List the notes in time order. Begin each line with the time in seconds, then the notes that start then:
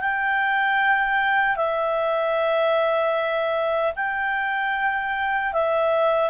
0.00 G5
1.56 E5
3.96 G5
5.53 E5